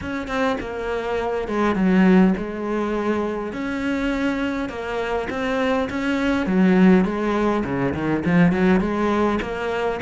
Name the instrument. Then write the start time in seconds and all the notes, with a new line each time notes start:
cello
0.01 C#4
0.27 C4
0.60 A#3
1.48 G#3
1.75 F#3
2.37 G#3
3.53 C#4
4.69 A#3
5.29 C4
5.89 C#4
6.46 F#3
7.04 G#3
7.64 C#3
7.94 D#3
8.25 F3
8.52 F#3
8.80 G#3
9.41 A#3